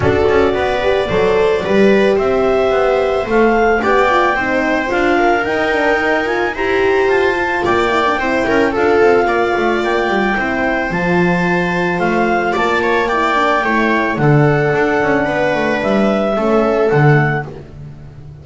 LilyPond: <<
  \new Staff \with { instrumentName = "clarinet" } { \time 4/4 \tempo 4 = 110 d''1 | e''2 f''4 g''4~ | g''4 f''4 g''4. gis''8 | ais''4 a''4 g''2 |
f''2 g''2 | a''2 f''4 a''4 | g''2 fis''2~ | fis''4 e''2 fis''4 | }
  \new Staff \with { instrumentName = "viola" } { \time 4/4 a'4 b'4 c''4 b'4 | c''2. d''4 | c''4. ais'2~ ais'8 | c''2 d''4 c''8 ais'8 |
a'4 d''2 c''4~ | c''2. d''8 cis''8 | d''4 cis''4 a'2 | b'2 a'2 | }
  \new Staff \with { instrumentName = "horn" } { \time 4/4 fis'4. g'8 a'4 g'4~ | g'2 a'4 g'8 f'8 | dis'4 f'4 dis'8 d'8 dis'8 f'8 | g'4. f'4 e'16 d'16 e'4 |
f'2. e'4 | f'1 | e'8 d'8 e'4 d'2~ | d'2 cis'4 a4 | }
  \new Staff \with { instrumentName = "double bass" } { \time 4/4 d'8 cis'8 b4 fis4 g4 | c'4 b4 a4 b4 | c'4 d'4 dis'2 | e'4 f'4 ais4 c'8 cis'8 |
d'8 c'8 ais8 a8 ais8 g8 c'4 | f2 a4 ais4~ | ais4 a4 d4 d'8 cis'8 | b8 a8 g4 a4 d4 | }
>>